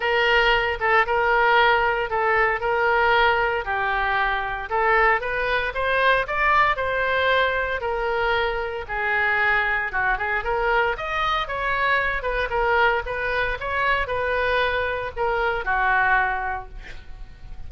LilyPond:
\new Staff \with { instrumentName = "oboe" } { \time 4/4 \tempo 4 = 115 ais'4. a'8 ais'2 | a'4 ais'2 g'4~ | g'4 a'4 b'4 c''4 | d''4 c''2 ais'4~ |
ais'4 gis'2 fis'8 gis'8 | ais'4 dis''4 cis''4. b'8 | ais'4 b'4 cis''4 b'4~ | b'4 ais'4 fis'2 | }